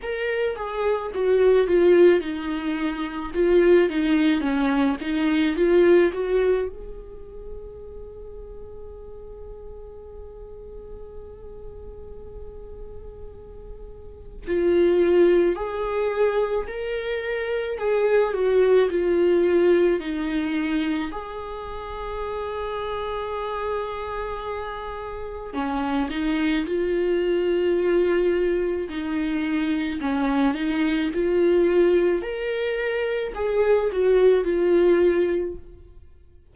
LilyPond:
\new Staff \with { instrumentName = "viola" } { \time 4/4 \tempo 4 = 54 ais'8 gis'8 fis'8 f'8 dis'4 f'8 dis'8 | cis'8 dis'8 f'8 fis'8 gis'2~ | gis'1~ | gis'4 f'4 gis'4 ais'4 |
gis'8 fis'8 f'4 dis'4 gis'4~ | gis'2. cis'8 dis'8 | f'2 dis'4 cis'8 dis'8 | f'4 ais'4 gis'8 fis'8 f'4 | }